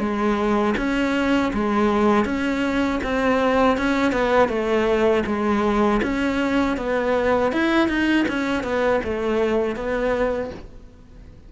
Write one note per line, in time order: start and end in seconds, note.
0.00 0.75 G#3
0.78 1.53 C#4
1.54 2.25 G#3
2.25 3.00 C#4
3.04 3.78 C4
3.78 4.12 C#4
4.12 4.49 B3
4.49 5.24 A3
5.26 6.01 G#3
6.03 6.77 C#4
6.77 7.52 B3
7.52 7.89 E4
7.89 8.26 D#4
8.28 8.64 C#4
8.64 9.01 B3
9.04 9.76 A3
9.76 10.51 B3